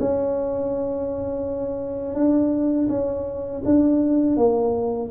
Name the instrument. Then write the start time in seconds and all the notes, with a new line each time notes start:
tuba
0.00 C#4
2.15 D4
2.89 C#4
3.66 D4
4.37 A#3